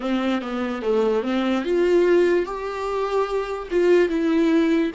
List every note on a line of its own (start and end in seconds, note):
0.00 0.41 C4
0.41 0.82 B3
0.82 1.23 A3
1.23 1.64 C4
1.64 2.45 F4
2.45 3.68 G4
3.71 4.09 F4
4.09 4.91 E4